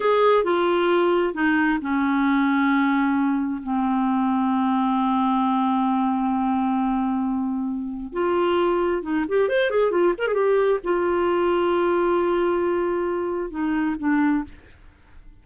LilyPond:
\new Staff \with { instrumentName = "clarinet" } { \time 4/4 \tempo 4 = 133 gis'4 f'2 dis'4 | cis'1 | c'1~ | c'1~ |
c'2 f'2 | dis'8 g'8 c''8 gis'8 f'8 ais'16 gis'16 g'4 | f'1~ | f'2 dis'4 d'4 | }